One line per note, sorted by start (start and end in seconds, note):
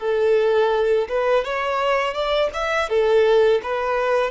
0.00 1.08 A4
1.09 1.45 B4
1.45 2.14 C#5
2.14 2.50 D5
2.54 2.89 E5
2.89 3.62 A4
3.63 4.31 B4